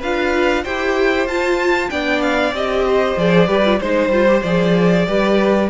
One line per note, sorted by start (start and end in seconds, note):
0.00 0.66 D4
0.00 0.66 F4
0.00 0.63 B4
0.00 0.65 F5
0.63 1.27 E4
0.63 1.29 G4
0.63 1.90 C5
0.63 1.28 G5
1.27 1.90 F4
1.27 1.92 F4
1.27 1.90 A5
1.90 2.52 B3
1.90 2.55 D4
1.90 2.86 D5
1.90 2.22 G5
2.22 2.54 F5
2.52 3.16 C4
2.52 3.18 G4
2.52 3.19 D#5
2.87 3.48 C5
3.17 3.49 F3
3.17 3.48 G#4
3.17 3.81 D5
3.48 3.80 G3
3.48 3.64 G4
3.48 3.80 B4
3.65 3.81 F4
3.81 4.10 G#3
3.81 4.13 D#4
3.81 5.07 C5
3.81 4.43 C5
4.10 4.41 G3
4.10 4.28 F4
4.28 4.44 G4
4.43 5.08 F3
4.43 5.08 G#4
4.43 5.69 D5
5.08 5.71 G3
5.08 5.71 G4
5.08 5.71 B4